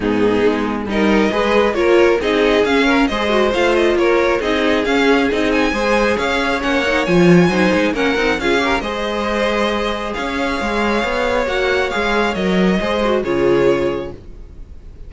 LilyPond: <<
  \new Staff \with { instrumentName = "violin" } { \time 4/4 \tempo 4 = 136 gis'2 dis''2 | cis''4 dis''4 f''4 dis''4 | f''8 dis''8 cis''4 dis''4 f''4 | dis''8 gis''4. f''4 fis''4 |
gis''2 fis''4 f''4 | dis''2. f''4~ | f''2 fis''4 f''4 | dis''2 cis''2 | }
  \new Staff \with { instrumentName = "violin" } { \time 4/4 dis'2 ais'4 b'4 | ais'4 gis'4. ais'8 c''4~ | c''4 ais'4 gis'2~ | gis'4 c''4 cis''2~ |
cis''4 c''4 ais'4 gis'8 ais'8 | c''2. cis''4~ | cis''1~ | cis''4 c''4 gis'2 | }
  \new Staff \with { instrumentName = "viola" } { \time 4/4 b2 dis'4 gis'4 | f'4 dis'4 cis'4 gis'8 fis'8 | f'2 dis'4 cis'4 | dis'4 gis'2 cis'8 dis'8 |
f'4 dis'4 cis'8 dis'8 f'8 g'8 | gis'1~ | gis'2 fis'4 gis'4 | ais'4 gis'8 fis'8 f'2 | }
  \new Staff \with { instrumentName = "cello" } { \time 4/4 gis,4 gis4 g4 gis4 | ais4 c'4 cis'4 gis4 | a4 ais4 c'4 cis'4 | c'4 gis4 cis'4 ais4 |
f4 fis8 gis8 ais8 c'8 cis'4 | gis2. cis'4 | gis4 b4 ais4 gis4 | fis4 gis4 cis2 | }
>>